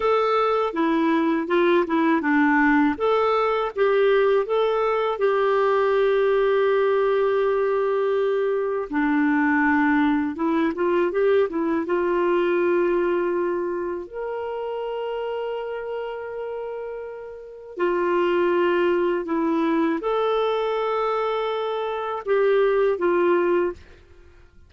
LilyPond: \new Staff \with { instrumentName = "clarinet" } { \time 4/4 \tempo 4 = 81 a'4 e'4 f'8 e'8 d'4 | a'4 g'4 a'4 g'4~ | g'1 | d'2 e'8 f'8 g'8 e'8 |
f'2. ais'4~ | ais'1 | f'2 e'4 a'4~ | a'2 g'4 f'4 | }